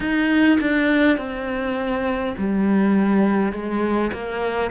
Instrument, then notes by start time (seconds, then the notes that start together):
cello
0.00 D#4
0.60 D4
1.17 C4
2.37 G3
3.52 G#3
4.12 A#3